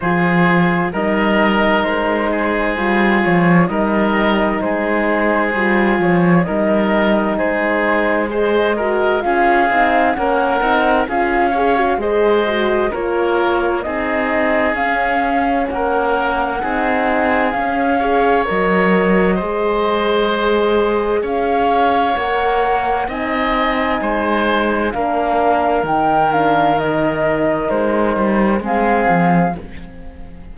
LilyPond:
<<
  \new Staff \with { instrumentName = "flute" } { \time 4/4 \tempo 4 = 65 c''4 dis''4 c''4. cis''8 | dis''4 c''4. cis''8 dis''4 | c''4 dis''4 f''4 fis''4 | f''4 dis''4 cis''4 dis''4 |
f''4 fis''2 f''4 | dis''2. f''4 | fis''4 gis''2 f''4 | g''8 f''8 dis''4 c''4 f''4 | }
  \new Staff \with { instrumentName = "oboe" } { \time 4/4 gis'4 ais'4. gis'4. | ais'4 gis'2 ais'4 | gis'4 c''8 ais'8 gis'4 ais'4 | gis'8 cis''8 c''4 ais'4 gis'4~ |
gis'4 ais'4 gis'4. cis''8~ | cis''4 c''2 cis''4~ | cis''4 dis''4 c''4 ais'4~ | ais'2. gis'4 | }
  \new Staff \with { instrumentName = "horn" } { \time 4/4 f'4 dis'2 f'4 | dis'2 f'4 dis'4~ | dis'4 gis'8 fis'8 f'8 dis'8 cis'8 dis'8 | f'8 gis'16 fis'16 gis'8 fis'8 f'4 dis'4 |
cis'2 dis'4 cis'8 gis'8 | ais'4 gis'2. | ais'4 dis'2 d'4 | dis'8 d'8 dis'2 c'4 | }
  \new Staff \with { instrumentName = "cello" } { \time 4/4 f4 g4 gis4 g8 f8 | g4 gis4 g8 f8 g4 | gis2 cis'8 c'8 ais8 c'8 | cis'4 gis4 ais4 c'4 |
cis'4 ais4 c'4 cis'4 | fis4 gis2 cis'4 | ais4 c'4 gis4 ais4 | dis2 gis8 g8 gis8 f8 | }
>>